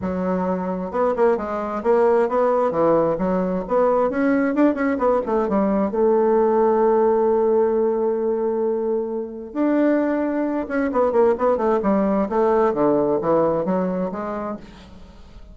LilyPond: \new Staff \with { instrumentName = "bassoon" } { \time 4/4 \tempo 4 = 132 fis2 b8 ais8 gis4 | ais4 b4 e4 fis4 | b4 cis'4 d'8 cis'8 b8 a8 | g4 a2.~ |
a1~ | a4 d'2~ d'8 cis'8 | b8 ais8 b8 a8 g4 a4 | d4 e4 fis4 gis4 | }